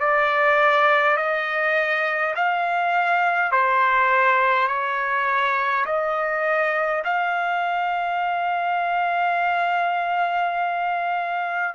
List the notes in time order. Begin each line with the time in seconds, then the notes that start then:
0.00 D5
1.17 D#5
2.35 F5
3.52 C5
4.67 C#5
5.86 D#5
7.04 F5